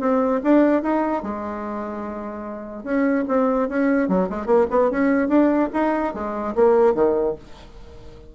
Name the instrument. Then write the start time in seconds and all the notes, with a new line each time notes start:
bassoon
0.00 C4
0.44 D4
0.83 D#4
1.23 G#3
2.84 C#4
3.28 C4
3.69 C#4
4.09 F#3
4.30 G#3
4.46 A#3
4.71 B3
4.91 C#4
5.29 D4
5.73 D#4
6.14 G#3
6.55 A#3
6.95 D#3